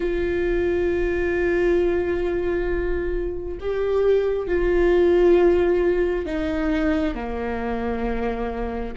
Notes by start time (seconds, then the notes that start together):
0.00 F4
3.60 G4
4.47 F4
6.26 D#4
7.14 A#3